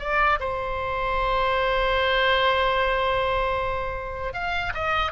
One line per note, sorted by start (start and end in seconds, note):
0.00 0.39 D5
0.40 4.34 C5
4.34 4.73 F5
4.74 5.12 D#5